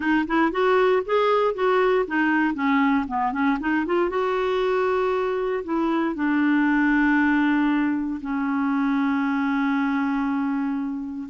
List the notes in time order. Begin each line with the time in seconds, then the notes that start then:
0.00 D#4
0.27 E4
0.51 F#4
1.05 G#4
1.54 F#4
2.07 D#4
2.54 C#4
3.07 B3
3.32 C#4
3.59 D#4
3.86 F4
4.09 F#4
5.64 E4
6.15 D4
8.21 C#4